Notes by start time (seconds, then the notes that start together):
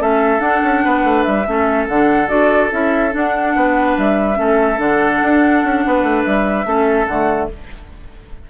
0.00 A3 C#4 A4 E5
0.39 D4 F#5
0.64 C#4
0.85 B3 B4
1.04 A3
1.24 G3 E5
1.48 A3 C#4 A4
1.89 D3 D4 F#5
2.28 D4 F#4 D5
2.72 C#4 E4 E5
3.12 D4 F#5
3.56 B3 B4
3.98 G3 E5
4.35 A3 C#4 A4
4.78 D3 D4 F#5
5.23 D4
5.64 C#4
5.87 B3 B4
6.03 A3
6.25 G3 E5
6.66 A3 C#4 A4
7.08 D3 A3 F#5